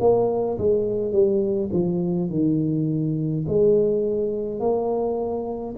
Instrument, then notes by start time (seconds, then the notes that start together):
tuba
0.00 A#3
0.58 G#3
1.12 G3
1.73 F3
2.30 D#3
3.48 G#3
4.60 A#3